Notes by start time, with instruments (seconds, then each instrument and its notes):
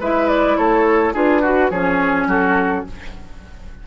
0.00 bassoon G#3, clarinet E4, oboe B4, flute E5
0.28 flute D5
0.57 bassoon A3, oboe A4, flute C#5
1.13 bassoon D4, clarinet F4, oboe G#4, flute B4
1.42 oboe F#4, clarinet F#4
1.71 bassoon F3, clarinet C#4, oboe G#4, flute C#5
2.27 bassoon F#3, oboe F#4, flute A4